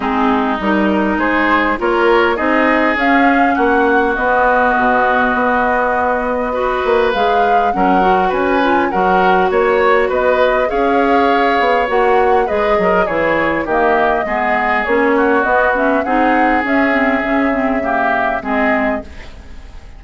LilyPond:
<<
  \new Staff \with { instrumentName = "flute" } { \time 4/4 \tempo 4 = 101 gis'4 ais'4 c''4 cis''4 | dis''4 f''4 fis''4 dis''4~ | dis''1 | f''4 fis''4 gis''4 fis''4 |
cis''4 dis''4 f''2 | fis''4 dis''4 cis''4 dis''4~ | dis''4 cis''4 dis''8 e''8 fis''4 | e''2. dis''4 | }
  \new Staff \with { instrumentName = "oboe" } { \time 4/4 dis'2 gis'4 ais'4 | gis'2 fis'2~ | fis'2. b'4~ | b'4 ais'4 b'4 ais'4 |
cis''4 b'4 cis''2~ | cis''4 b'8 ais'8 gis'4 g'4 | gis'4. fis'4. gis'4~ | gis'2 g'4 gis'4 | }
  \new Staff \with { instrumentName = "clarinet" } { \time 4/4 c'4 dis'2 f'4 | dis'4 cis'2 b4~ | b2. fis'4 | gis'4 cis'8 fis'4 f'8 fis'4~ |
fis'2 gis'2 | fis'4 gis'4 e'4 ais4 | b4 cis'4 b8 cis'8 dis'4 | cis'8 c'8 cis'8 c'8 ais4 c'4 | }
  \new Staff \with { instrumentName = "bassoon" } { \time 4/4 gis4 g4 gis4 ais4 | c'4 cis'4 ais4 b4 | b,4 b2~ b8 ais8 | gis4 fis4 cis'4 fis4 |
ais4 b4 cis'4. b8 | ais4 gis8 fis8 e4 dis4 | gis4 ais4 b4 c'4 | cis'4 cis2 gis4 | }
>>